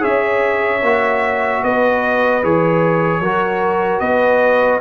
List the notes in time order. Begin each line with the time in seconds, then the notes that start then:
0.00 C#4 G#4 C#5 E5
0.83 A#3 F#4
1.63 B3 B4 D#5
2.43 E3 G#4 C#5
3.20 F#3 F#4 A#4
4.00 B3 B4 D#5